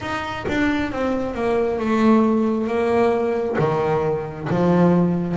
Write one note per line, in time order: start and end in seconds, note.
0.00 0.45 D#4
0.48 0.92 D4
0.92 1.34 C4
1.34 1.79 A#3
1.79 2.67 A3
2.67 3.56 A#3
3.59 4.48 D#3
4.49 5.37 F3